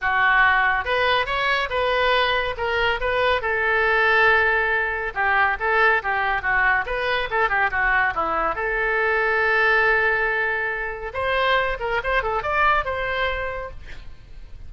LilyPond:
\new Staff \with { instrumentName = "oboe" } { \time 4/4 \tempo 4 = 140 fis'2 b'4 cis''4 | b'2 ais'4 b'4 | a'1 | g'4 a'4 g'4 fis'4 |
b'4 a'8 g'8 fis'4 e'4 | a'1~ | a'2 c''4. ais'8 | c''8 a'8 d''4 c''2 | }